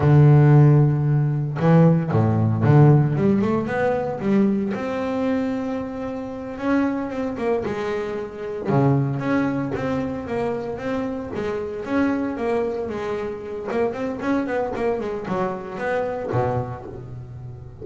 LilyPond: \new Staff \with { instrumentName = "double bass" } { \time 4/4 \tempo 4 = 114 d2. e4 | a,4 d4 g8 a8 b4 | g4 c'2.~ | c'8 cis'4 c'8 ais8 gis4.~ |
gis8 cis4 cis'4 c'4 ais8~ | ais8 c'4 gis4 cis'4 ais8~ | ais8 gis4. ais8 c'8 cis'8 b8 | ais8 gis8 fis4 b4 b,4 | }